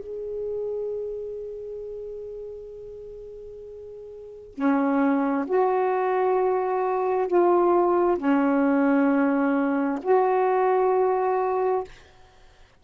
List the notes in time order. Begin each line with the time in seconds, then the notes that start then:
0.00 G#4
4.55 C#4
5.47 F#4
7.28 F4
8.18 C#4
10.02 F#4